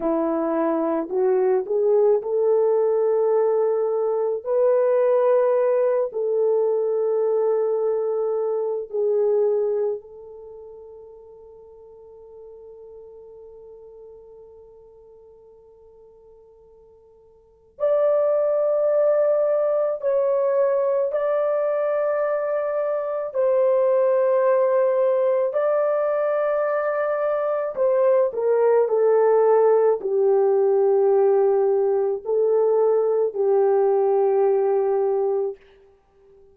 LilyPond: \new Staff \with { instrumentName = "horn" } { \time 4/4 \tempo 4 = 54 e'4 fis'8 gis'8 a'2 | b'4. a'2~ a'8 | gis'4 a'2.~ | a'1 |
d''2 cis''4 d''4~ | d''4 c''2 d''4~ | d''4 c''8 ais'8 a'4 g'4~ | g'4 a'4 g'2 | }